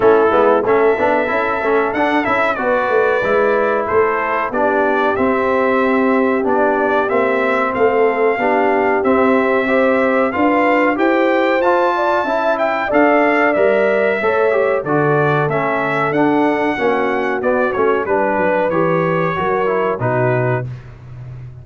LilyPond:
<<
  \new Staff \with { instrumentName = "trumpet" } { \time 4/4 \tempo 4 = 93 a'4 e''2 fis''8 e''8 | d''2 c''4 d''4 | e''2 d''4 e''4 | f''2 e''2 |
f''4 g''4 a''4. g''8 | f''4 e''2 d''4 | e''4 fis''2 d''8 cis''8 | b'4 cis''2 b'4 | }
  \new Staff \with { instrumentName = "horn" } { \time 4/4 e'4 a'2. | b'2 a'4 g'4~ | g'1 | a'4 g'2 c''4 |
b'4 c''4. d''8 e''4 | d''2 cis''4 a'4~ | a'2 fis'2 | b'2 ais'4 fis'4 | }
  \new Staff \with { instrumentName = "trombone" } { \time 4/4 cis'8 b8 cis'8 d'8 e'8 cis'8 d'8 e'8 | fis'4 e'2 d'4 | c'2 d'4 c'4~ | c'4 d'4 c'4 g'4 |
f'4 g'4 f'4 e'4 | a'4 ais'4 a'8 g'8 fis'4 | cis'4 d'4 cis'4 b8 cis'8 | d'4 g'4 fis'8 e'8 dis'4 | }
  \new Staff \with { instrumentName = "tuba" } { \time 4/4 a8 gis8 a8 b8 cis'8 a8 d'8 cis'8 | b8 a8 gis4 a4 b4 | c'2 b4 ais4 | a4 b4 c'2 |
d'4 e'4 f'4 cis'4 | d'4 g4 a4 d4 | a4 d'4 ais4 b8 a8 | g8 fis8 e4 fis4 b,4 | }
>>